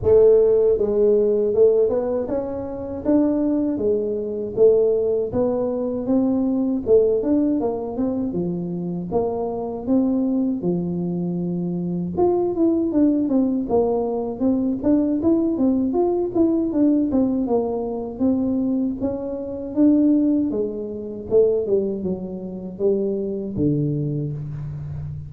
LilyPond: \new Staff \with { instrumentName = "tuba" } { \time 4/4 \tempo 4 = 79 a4 gis4 a8 b8 cis'4 | d'4 gis4 a4 b4 | c'4 a8 d'8 ais8 c'8 f4 | ais4 c'4 f2 |
f'8 e'8 d'8 c'8 ais4 c'8 d'8 | e'8 c'8 f'8 e'8 d'8 c'8 ais4 | c'4 cis'4 d'4 gis4 | a8 g8 fis4 g4 d4 | }